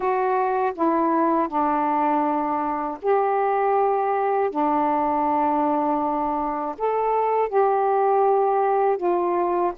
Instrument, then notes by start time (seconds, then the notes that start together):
saxophone
0.00 F#4
0.75 E4
1.48 D4
3.02 G4
4.50 D4
6.77 A4
7.48 G4
8.97 F4